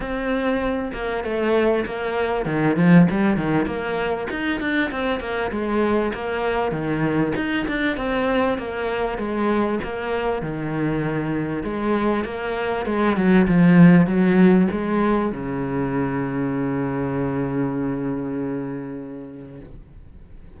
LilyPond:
\new Staff \with { instrumentName = "cello" } { \time 4/4 \tempo 4 = 98 c'4. ais8 a4 ais4 | dis8 f8 g8 dis8 ais4 dis'8 d'8 | c'8 ais8 gis4 ais4 dis4 | dis'8 d'8 c'4 ais4 gis4 |
ais4 dis2 gis4 | ais4 gis8 fis8 f4 fis4 | gis4 cis2.~ | cis1 | }